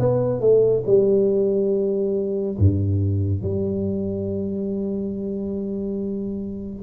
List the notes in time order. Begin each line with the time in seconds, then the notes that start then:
0.00 B3
0.41 A3
0.87 G3
2.59 G2
3.42 G3